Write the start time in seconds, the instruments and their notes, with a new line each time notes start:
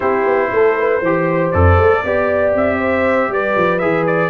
0.00 tuba C4, trombone E4, horn G4, trumpet C5
0.25 tuba B3
0.51 tuba A3, horn A4
0.78 horn B4
1.00 tuba E3, trombone G4, horn C5
1.50 tuba F2, trombone A4, trumpet D5
1.77 tuba A3
2.04 tuba B3, trombone G4, horn D5
2.54 tuba C4, trumpet E5
2.77 horn C5
3.28 tuba G3, horn B4, trumpet D5
3.56 tuba F3
3.78 tuba E3, trombone G#4, trumpet E5
4.06 trumpet D5